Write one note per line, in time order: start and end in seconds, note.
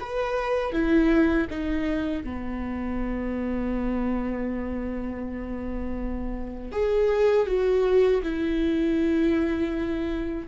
0.00 0.72 B4
0.72 1.47 E4
1.50 2.23 D#4
2.23 6.72 B3
6.72 7.46 G#4
7.46 8.21 F#4
8.23 10.47 E4